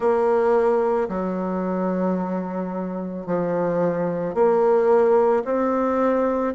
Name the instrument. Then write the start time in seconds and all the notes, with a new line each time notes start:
bassoon
0.00 A#3
1.09 F#3
3.26 F3
4.34 A#3
5.44 C4